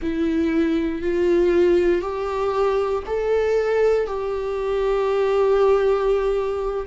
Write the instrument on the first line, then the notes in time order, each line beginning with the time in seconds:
viola
0.01 E4
1.02 F4
2.01 G4
3.06 A4
4.07 G4